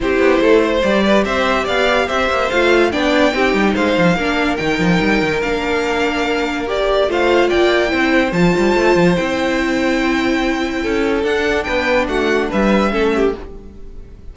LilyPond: <<
  \new Staff \with { instrumentName = "violin" } { \time 4/4 \tempo 4 = 144 c''2 d''4 e''4 | f''4 e''4 f''4 g''4~ | g''4 f''2 g''4~ | g''4 f''2. |
d''4 f''4 g''2 | a''2 g''2~ | g''2. fis''4 | g''4 fis''4 e''2 | }
  \new Staff \with { instrumentName = "violin" } { \time 4/4 g'4 a'8 c''4 b'8 c''4 | d''4 c''2 d''4 | g'4 c''4 ais'2~ | ais'1~ |
ais'4 c''4 d''4 c''4~ | c''1~ | c''2 a'2 | b'4 fis'4 b'4 a'8 g'8 | }
  \new Staff \with { instrumentName = "viola" } { \time 4/4 e'2 g'2~ | g'2 f'4 d'4 | dis'2 d'4 dis'4~ | dis'4 d'2. |
g'4 f'2 e'4 | f'2 e'2~ | e'2. d'4~ | d'2. cis'4 | }
  \new Staff \with { instrumentName = "cello" } { \time 4/4 c'8 b8 a4 g4 c'4 | b4 c'8 ais8 a4 b4 | c'8 g8 gis8 f8 ais4 dis8 f8 | g8 dis8 ais2.~ |
ais4 a4 ais4 c'4 | f8 g8 a8 f8 c'2~ | c'2 cis'4 d'4 | b4 a4 g4 a4 | }
>>